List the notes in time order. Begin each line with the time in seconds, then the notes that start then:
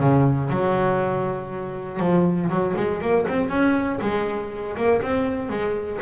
0.00 C#3
0.50 F#3
2.00 F3
2.50 F#3
2.76 G#3
3.01 A#3
3.28 C4
3.50 C#4
4.02 G#3
4.77 A#3
5.02 C4
5.50 G#3